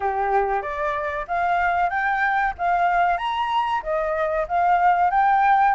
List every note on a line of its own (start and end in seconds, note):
0.00 0.62 G4
0.62 1.25 D5
1.27 1.89 F5
1.89 2.53 G5
2.57 3.17 F5
3.17 3.81 A#5
3.82 4.46 D#5
4.47 5.10 F5
5.10 5.74 G5